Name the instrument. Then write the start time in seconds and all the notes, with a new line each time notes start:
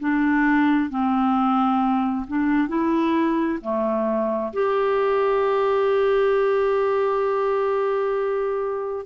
clarinet
0.00 D4
0.90 C4
2.28 D4
2.69 E4
3.62 A3
4.54 G4